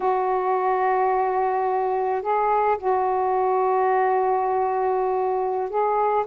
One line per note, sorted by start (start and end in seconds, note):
0.00 2.21 F#4
2.22 2.77 G#4
2.78 5.69 F#4
5.69 6.25 G#4